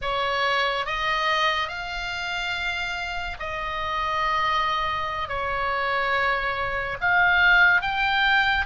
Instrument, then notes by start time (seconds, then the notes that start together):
oboe
0.01 C#5
0.86 D#5
1.68 F5
3.39 D#5
5.28 C#5
7.00 F5
7.81 G5